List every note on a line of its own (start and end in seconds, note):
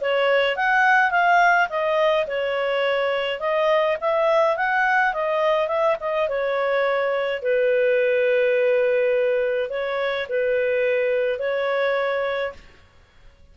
0.00 0.56 C#5
0.56 1.11 F#5
1.11 1.68 F5
1.69 2.26 D#5
2.27 3.39 C#5
3.39 3.97 D#5
4.00 4.56 E5
4.56 5.13 F#5
5.13 5.67 D#5
5.67 5.96 E5
6.00 6.28 D#5
6.28 7.42 C#5
7.42 9.69 B4
9.69 10.26 C#5
10.29 11.38 B4
11.38 12.53 C#5